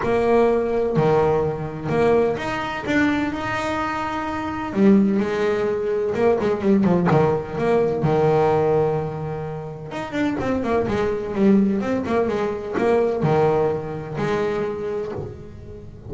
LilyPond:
\new Staff \with { instrumentName = "double bass" } { \time 4/4 \tempo 4 = 127 ais2 dis2 | ais4 dis'4 d'4 dis'4~ | dis'2 g4 gis4~ | gis4 ais8 gis8 g8 f8 dis4 |
ais4 dis2.~ | dis4 dis'8 d'8 c'8 ais8 gis4 | g4 c'8 ais8 gis4 ais4 | dis2 gis2 | }